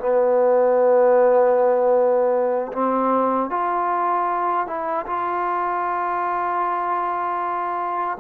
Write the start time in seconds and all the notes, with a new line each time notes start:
0.00 B3
2.73 C4
3.51 F4
4.67 E4
5.06 F4